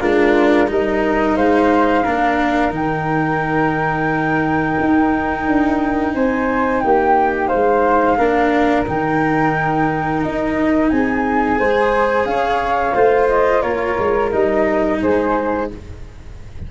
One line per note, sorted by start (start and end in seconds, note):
0.00 0.69 G#3
0.00 0.68 D4
0.00 0.68 F4
0.00 0.69 A#4
0.68 1.37 G3
0.68 2.04 D#4
0.68 1.36 A#4
0.68 1.36 D#5
1.36 2.06 G#3
1.36 2.03 C5
1.36 2.72 F5
2.03 2.70 A#3
2.03 2.72 D4
2.03 6.12 A#4
2.70 4.75 D#3
2.70 8.17 D#4
2.70 6.14 G5
4.80 5.47 D#4
5.47 6.14 D4
6.14 6.83 C4
6.14 6.83 C5
6.14 6.81 G#5
6.81 7.52 A#3
6.81 7.48 G4
6.81 7.47 G5
7.47 8.18 G#3
7.47 8.16 C5
7.47 8.84 F5
8.18 8.86 A#3
8.18 8.86 D4
8.18 10.90 A#4
8.86 10.24 D#3
8.86 11.56 D#4
8.86 10.23 G5
10.23 10.92 D#4
10.23 10.90 D#5
10.90 11.60 C4
10.90 11.59 G#4
10.90 12.26 G#5
11.56 12.25 G#3
11.56 12.92 G#4
11.56 12.27 C5
12.25 12.93 C#4
12.25 12.96 C#5
12.25 13.28 F5
12.95 13.63 A3
12.95 14.31 F4
12.95 13.62 C5
13.28 13.62 D#5
13.62 13.97 A#3
13.62 14.99 A#4
13.62 14.30 C#5
13.98 14.33 G#3
14.31 15.01 G3
14.31 15.67 D#4
14.31 15.00 D#5
15.02 15.71 G#3
15.02 15.70 G#4
15.02 15.70 C5